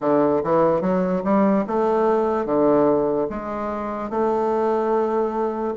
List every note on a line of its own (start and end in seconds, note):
0.00 0.41 D3
0.43 0.81 E3
0.81 1.22 F#3
1.23 1.64 G3
1.67 2.45 A3
2.45 3.27 D3
3.29 4.09 G#3
4.09 5.74 A3